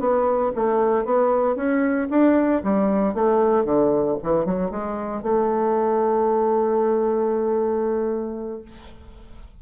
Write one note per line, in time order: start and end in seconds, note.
0.00 0.52 B3
0.56 1.05 A3
1.05 1.56 B3
1.56 2.08 C#4
2.10 2.63 D4
2.64 3.14 G3
3.14 3.65 A3
3.65 4.17 D3
4.23 4.46 E3
4.46 4.71 F#3
4.71 5.23 G#3
5.23 8.62 A3